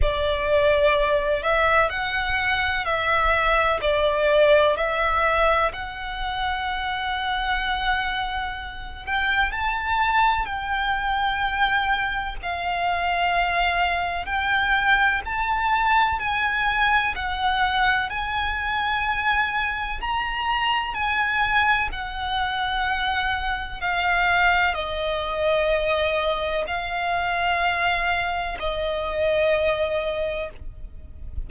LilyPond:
\new Staff \with { instrumentName = "violin" } { \time 4/4 \tempo 4 = 63 d''4. e''8 fis''4 e''4 | d''4 e''4 fis''2~ | fis''4. g''8 a''4 g''4~ | g''4 f''2 g''4 |
a''4 gis''4 fis''4 gis''4~ | gis''4 ais''4 gis''4 fis''4~ | fis''4 f''4 dis''2 | f''2 dis''2 | }